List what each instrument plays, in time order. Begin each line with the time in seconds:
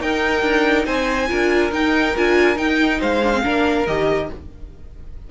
0.00 cello D#4, viola D#4, violin A#4 G5
0.42 cello D4
0.85 cello C4, violin C5 G#5
1.28 cello D4, viola F4, violin A#4
1.71 cello D#4, viola D#4, violin G5
2.16 cello D4, viola F4, violin G#5
2.56 viola D#4, cello D#4, violin G5
2.98 cello G#3, violin C5 F5
3.23 viola D4
3.34 viola C4
3.42 cello A#3, viola D4, violin A#4
3.86 cello D#3, viola G4, violin D#5